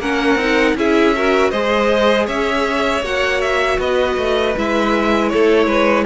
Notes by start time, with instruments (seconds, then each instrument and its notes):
0.00 cello A#3, viola C#4, violin A#4 F#5
0.36 cello C4, viola D#4
0.75 cello C#4, viola E4, violin G#4 E5
1.17 viola F#4, violin A#4
1.51 cello G#3, viola G#4, violin C5 D#5
2.27 cello C#4, violin C#5 E5
3.03 cello A#3, viola F#4, violin F#5
3.42 violin E5
3.79 cello B3, violin B4 D#5
4.18 cello A3
4.56 cello G#3, viola E4, violin E5
5.29 cello A3, violin A4 C#5
5.67 cello G#3, violin B4